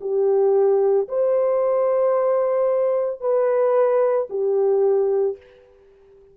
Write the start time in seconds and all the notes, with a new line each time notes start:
0.00 G4
1.08 C5
3.20 B4
4.30 G4